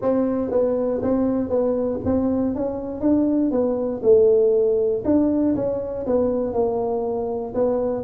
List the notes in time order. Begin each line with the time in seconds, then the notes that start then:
0.01 C4
0.50 B3
1.02 C4
1.49 B3
2.04 C4
2.55 C#4
3.00 D4
3.51 B3
4.02 A3
5.04 D4
5.55 C#4
6.06 B3
6.53 A#3
7.54 B3